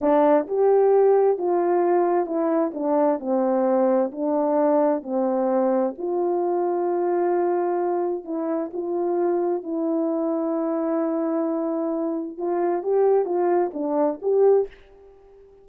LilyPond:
\new Staff \with { instrumentName = "horn" } { \time 4/4 \tempo 4 = 131 d'4 g'2 f'4~ | f'4 e'4 d'4 c'4~ | c'4 d'2 c'4~ | c'4 f'2.~ |
f'2 e'4 f'4~ | f'4 e'2.~ | e'2. f'4 | g'4 f'4 d'4 g'4 | }